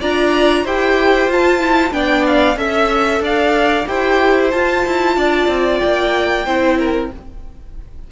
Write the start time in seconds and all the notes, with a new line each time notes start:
0.00 D4 F4 D5 A#5
0.63 E4 G4 C5 G5
1.27 F4 A5
1.59 E4
1.91 B3 D4 D5 G5
2.26 F5
2.56 C#4 A4 E5
3.20 D4 D5 F5
3.87 E4 G4 C5 G5
4.51 F4 A5
4.86 E4
5.16 D4 D5
5.47 C4
5.78 A#3 G5
6.45 C4 E4 C5
6.78 A#4